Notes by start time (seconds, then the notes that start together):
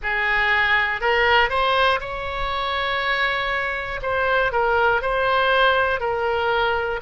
0.03 G#4
1.00 A#4
1.49 C5
2.00 C#5
4.02 C5
4.52 A#4
5.01 C5
6.00 A#4